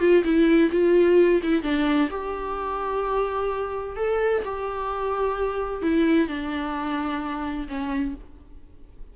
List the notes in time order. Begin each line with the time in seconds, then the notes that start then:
0.00 F4
0.24 E4
0.72 F4
1.43 E4
1.63 D4
2.11 G4
3.97 A4
4.45 G4
5.82 E4
6.28 D4
7.68 C#4